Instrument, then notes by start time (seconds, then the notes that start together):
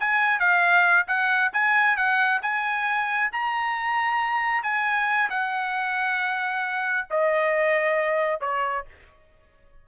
trumpet
0.00 G#5
0.40 F5
1.08 F#5
1.53 G#5
1.97 F#5
2.42 G#5
3.32 A#5
4.63 G#5
5.30 F#5
7.11 D#5
8.41 C#5